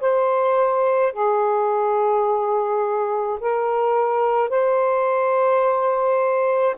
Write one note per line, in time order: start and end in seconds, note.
0.00 1.13 C5
1.13 3.39 G#4
3.40 4.49 A#4
4.49 6.76 C5